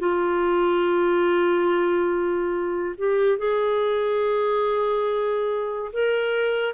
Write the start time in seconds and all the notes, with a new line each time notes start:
0.00 F4
2.98 G4
3.39 G#4
5.93 A#4